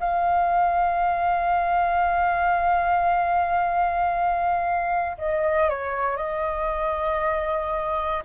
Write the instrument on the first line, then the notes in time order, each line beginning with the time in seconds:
flute
0.00 F5
5.18 D#5
5.69 C#5
6.16 D#5